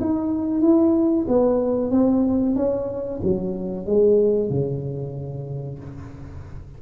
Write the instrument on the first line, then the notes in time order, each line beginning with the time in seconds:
tuba
0.00 D#4
0.61 E4
1.28 B3
1.91 C4
2.55 C#4
3.23 F#3
3.86 G#3
4.50 C#3